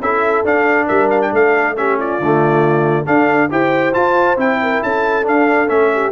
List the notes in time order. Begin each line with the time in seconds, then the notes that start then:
0.00 C#4 E4 A4 E5
0.44 D4 F5
0.86 G3 A#4 E5
1.10 F5
1.21 G5
1.32 A3 A4 F5
1.77 C#4 G4 E5
1.98 F4 D5
2.19 D3 A3
3.05 D4 A4 F5
3.50 E4 G4 C5 G5
3.93 F4 A5
4.36 C4 E4 G5
4.62 A#4
4.82 C#4 A4 A5
5.23 D4 F5
5.68 A3 C#4 E5
5.93 G4